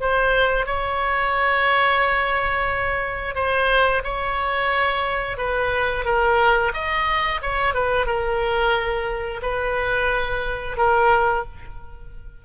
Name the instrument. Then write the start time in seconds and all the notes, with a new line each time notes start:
oboe
0.00 C5
0.66 C#5
3.35 C5
4.04 C#5
5.37 B4
6.05 A#4
6.74 D#5
7.42 C#5
7.74 B4
8.06 A#4
9.42 B4
10.77 A#4